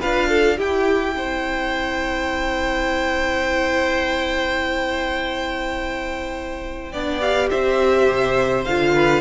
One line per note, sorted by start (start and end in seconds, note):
0.00 0.59 D4
0.00 0.58 F4
0.00 0.28 B4
0.00 0.59 F5
0.28 0.57 A4
0.57 6.93 E4
0.57 1.16 E4
0.57 1.15 G4
0.57 7.20 G5
1.16 6.93 C4
1.16 6.92 C5
6.92 7.51 B3
6.92 7.21 D4
6.92 7.50 D5
7.20 8.65 G4
7.20 7.49 F5
7.50 8.08 C4
7.50 8.94 C5
7.50 8.64 E5
8.08 8.66 C3
8.64 9.21 D3
8.64 9.21 F4
8.64 9.21 F5
8.94 9.21 B4